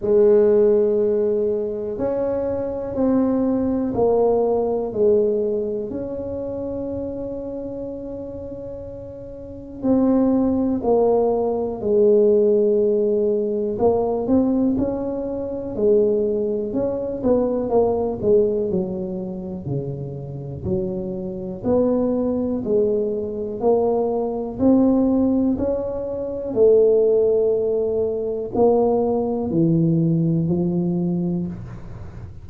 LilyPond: \new Staff \with { instrumentName = "tuba" } { \time 4/4 \tempo 4 = 61 gis2 cis'4 c'4 | ais4 gis4 cis'2~ | cis'2 c'4 ais4 | gis2 ais8 c'8 cis'4 |
gis4 cis'8 b8 ais8 gis8 fis4 | cis4 fis4 b4 gis4 | ais4 c'4 cis'4 a4~ | a4 ais4 e4 f4 | }